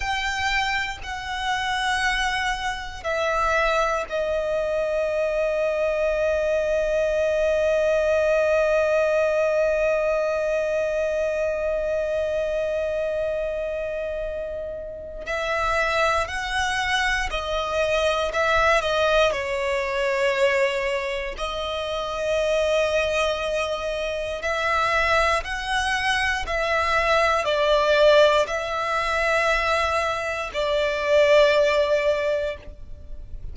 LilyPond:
\new Staff \with { instrumentName = "violin" } { \time 4/4 \tempo 4 = 59 g''4 fis''2 e''4 | dis''1~ | dis''1~ | dis''2. e''4 |
fis''4 dis''4 e''8 dis''8 cis''4~ | cis''4 dis''2. | e''4 fis''4 e''4 d''4 | e''2 d''2 | }